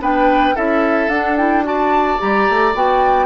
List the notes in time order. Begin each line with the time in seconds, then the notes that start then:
0.00 B3 D4 B4 G5
0.55 C#4 E4 A4 E5
1.08 D4 F#5
1.37 E4 G5
1.64 F#4 D5 A5
2.18 G3 G4 A#5
2.49 A3
2.74 B3 F#4 G5